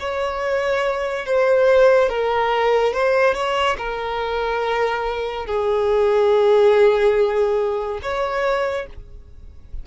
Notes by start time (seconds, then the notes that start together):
0.00 C#5
1.26 C5
2.09 A#4
2.94 C5
3.35 C#5
3.78 A#4
5.46 G#4
8.02 C#5